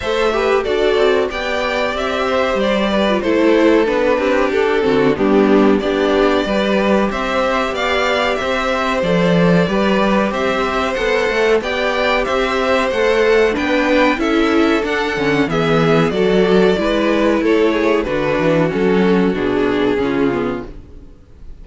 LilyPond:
<<
  \new Staff \with { instrumentName = "violin" } { \time 4/4 \tempo 4 = 93 e''4 d''4 g''4 e''4 | d''4 c''4 b'4 a'4 | g'4 d''2 e''4 | f''4 e''4 d''2 |
e''4 fis''4 g''4 e''4 | fis''4 g''4 e''4 fis''4 | e''4 d''2 cis''4 | b'4 a'4 gis'2 | }
  \new Staff \with { instrumentName = "violin" } { \time 4/4 c''8 b'8 a'4 d''4. c''8~ | c''8 b'8 a'4. g'4 fis'8 | d'4 g'4 b'4 c''4 | d''4 c''2 b'4 |
c''2 d''4 c''4~ | c''4 b'4 a'2 | gis'4 a'4 b'4 a'8 gis'8 | fis'2. f'4 | }
  \new Staff \with { instrumentName = "viola" } { \time 4/4 a'8 g'8 fis'4 g'2~ | g'8. f'16 e'4 d'4. c'8 | b4 d'4 g'2~ | g'2 a'4 g'4~ |
g'4 a'4 g'2 | a'4 d'4 e'4 d'8 cis'8 | b4 fis'4 e'2 | d'4 cis'4 d'4 cis'8 b8 | }
  \new Staff \with { instrumentName = "cello" } { \time 4/4 a4 d'8 c'8 b4 c'4 | g4 a4 b8 c'8 d'8 d8 | g4 b4 g4 c'4 | b4 c'4 f4 g4 |
c'4 b8 a8 b4 c'4 | a4 b4 cis'4 d'8 d8 | e4 fis4 gis4 a4 | d8 e8 fis4 b,4 cis4 | }
>>